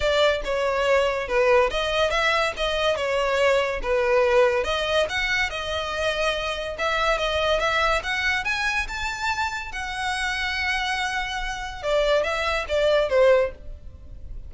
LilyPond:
\new Staff \with { instrumentName = "violin" } { \time 4/4 \tempo 4 = 142 d''4 cis''2 b'4 | dis''4 e''4 dis''4 cis''4~ | cis''4 b'2 dis''4 | fis''4 dis''2. |
e''4 dis''4 e''4 fis''4 | gis''4 a''2 fis''4~ | fis''1 | d''4 e''4 d''4 c''4 | }